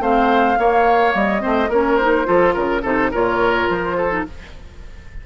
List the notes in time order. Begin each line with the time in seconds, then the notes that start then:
0.00 A3 C4 C5 F5
0.57 A#3 C#5
1.15 G3 D#5
1.40 C4 C5
1.46 A3
1.69 A#3 C#4 A#4 C#5
1.97 D#4 C5
2.25 F3 F4 A4
2.54 C#3 A#4
2.82 C3 D#4 A4 C5
3.12 A#2 F4 A#4 C#5
3.69 F3 C5
3.97 A4
4.11 D#4